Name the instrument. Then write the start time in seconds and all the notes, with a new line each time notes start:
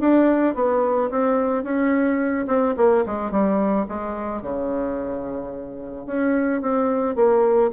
bassoon
0.00 D4
0.55 B3
1.11 C4
1.64 C#4
2.47 C4
2.77 A#3
3.06 G#3
3.31 G3
3.88 G#3
4.42 C#3
6.07 C#4
6.62 C4
7.16 A#3